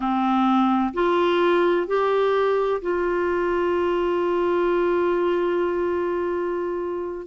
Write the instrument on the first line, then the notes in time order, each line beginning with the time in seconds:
clarinet
0.00 C4
0.93 F4
1.87 G4
2.81 F4